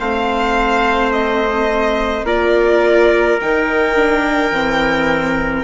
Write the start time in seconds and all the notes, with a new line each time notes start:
0.00 A3 C4 C5 F5
1.12 D#5
2.24 A#3 F4 A#4 D5
3.41 D#3 D#4 G5
3.96 D4
4.51 E3 C4